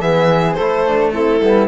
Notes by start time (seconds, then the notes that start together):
0.00 E3 B3 G#4 E5
0.53 A3 A4 C5
0.59 E4
0.87 D4
1.13 C4 E4 A4
1.40 G3 B3